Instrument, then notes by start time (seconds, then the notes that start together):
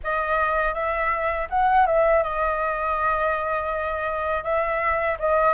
flute
0.03 D#5
0.73 E5
1.49 F#5
1.86 E5
2.23 D#5
4.43 E5
5.19 D#5